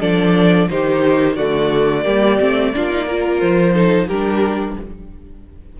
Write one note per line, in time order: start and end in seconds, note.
0.00 0.69 F3
0.00 0.68 D4
0.00 0.68 A4
0.00 0.69 D5
0.69 1.38 D#3
0.69 1.37 D#4
0.69 1.36 G4
0.69 1.36 C5
1.36 2.05 D3
1.36 2.04 A3
1.36 2.04 F#4
1.36 3.39 D5
2.04 2.39 G3
2.04 2.38 A#3
2.04 2.72 G4
2.39 2.74 A3
2.39 2.73 C4
2.73 3.41 A#3
2.73 2.90 D4
2.73 3.06 F4
2.90 3.07 D#4
3.06 3.73 F4
3.06 3.74 A#4
3.39 4.08 F3
3.39 4.07 C5
3.73 4.08 D#4
3.73 4.07 A4
4.07 4.76 G3
4.07 4.80 D4
4.07 4.76 G4
4.07 4.76 A#4